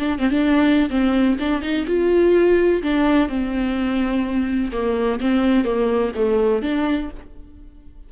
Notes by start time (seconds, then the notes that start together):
0.00 D4
0.19 C4
0.30 D4
0.90 C4
1.40 D4
1.62 D#4
1.87 F4
2.83 D4
3.29 C4
4.73 A#3
5.20 C4
5.65 A#3
6.16 A3
6.63 D4